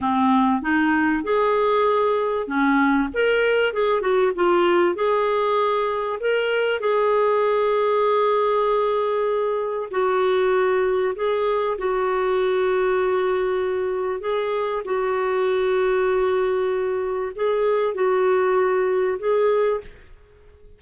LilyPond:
\new Staff \with { instrumentName = "clarinet" } { \time 4/4 \tempo 4 = 97 c'4 dis'4 gis'2 | cis'4 ais'4 gis'8 fis'8 f'4 | gis'2 ais'4 gis'4~ | gis'1 |
fis'2 gis'4 fis'4~ | fis'2. gis'4 | fis'1 | gis'4 fis'2 gis'4 | }